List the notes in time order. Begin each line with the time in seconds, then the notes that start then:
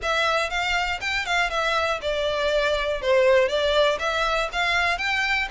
0.02 E5
0.50 F5
1.00 G5
1.25 F5
1.50 E5
2.01 D5
3.01 C5
3.48 D5
3.99 E5
4.52 F5
4.98 G5